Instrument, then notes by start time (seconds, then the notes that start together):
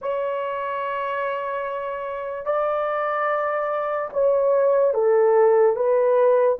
horn
0.01 C#5
2.45 D5
4.12 C#5
4.94 A4
5.75 B4